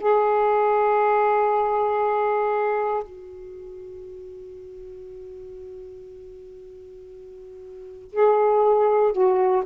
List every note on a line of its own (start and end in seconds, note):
0.00 3.03 G#4
3.03 8.11 F#4
8.12 9.12 G#4
9.12 9.63 F#4